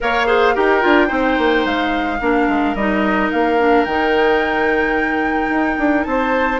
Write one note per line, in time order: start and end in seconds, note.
0.00 0.56 A#3
0.00 0.26 A#4
0.00 0.26 C#5
0.00 0.56 F5
0.26 0.54 G#4
0.26 0.54 C5
0.54 0.84 D#4
0.54 0.81 G4
0.54 1.07 A#4
0.54 1.66 G5
0.81 1.10 D4
0.81 1.07 F4
1.07 1.38 C4
1.07 2.17 D#4
1.07 2.17 C5
1.38 1.65 A#3
1.65 2.20 G#3
1.65 2.75 F5
2.20 2.48 A#3
2.20 2.76 D4
2.20 6.07 A#4
2.48 2.74 G#3
2.74 3.29 G3
2.74 3.58 D#4
2.74 3.30 D#5
3.31 3.85 A#3
3.31 3.85 F5
3.58 3.86 D4
3.85 5.49 D#3
3.85 6.60 D#4
3.85 6.03 G5
5.49 5.76 D#4
5.78 6.05 D4
6.03 6.60 C4
6.03 6.60 C5
6.03 6.58 A5